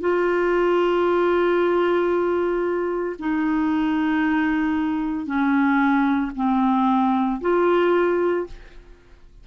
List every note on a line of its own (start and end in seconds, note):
0.00 3.16 F4
3.19 5.26 D#4
5.26 6.31 C#4
6.35 7.41 C4
7.41 8.46 F4